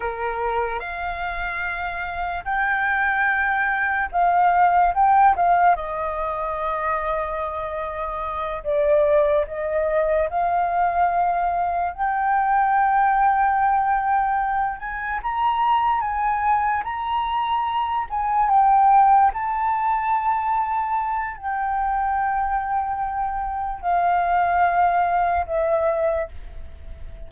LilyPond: \new Staff \with { instrumentName = "flute" } { \time 4/4 \tempo 4 = 73 ais'4 f''2 g''4~ | g''4 f''4 g''8 f''8 dis''4~ | dis''2~ dis''8 d''4 dis''8~ | dis''8 f''2 g''4.~ |
g''2 gis''8 ais''4 gis''8~ | gis''8 ais''4. gis''8 g''4 a''8~ | a''2 g''2~ | g''4 f''2 e''4 | }